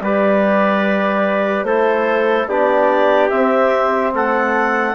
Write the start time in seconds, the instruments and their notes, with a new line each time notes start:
0.00 bassoon G3, trombone G4, trumpet B4, clarinet D5
1.63 bassoon A3, trombone E4, trumpet A4, clarinet C5
2.47 bassoon B3, trombone D4, trumpet G4, clarinet D5
3.29 bassoon C4, trombone C4, clarinet E5
4.13 bassoon A3, trumpet A4, clarinet F#5